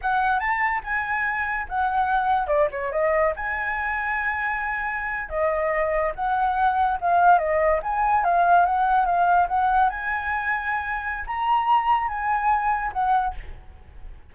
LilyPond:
\new Staff \with { instrumentName = "flute" } { \time 4/4 \tempo 4 = 144 fis''4 a''4 gis''2 | fis''2 d''8 cis''8 dis''4 | gis''1~ | gis''8. dis''2 fis''4~ fis''16~ |
fis''8. f''4 dis''4 gis''4 f''16~ | f''8. fis''4 f''4 fis''4 gis''16~ | gis''2. ais''4~ | ais''4 gis''2 fis''4 | }